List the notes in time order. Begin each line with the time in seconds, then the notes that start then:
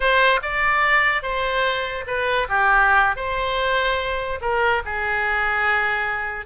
0.00 C5
0.42 D5
1.22 C5
2.06 B4
2.48 G4
3.16 C5
4.41 A#4
4.85 G#4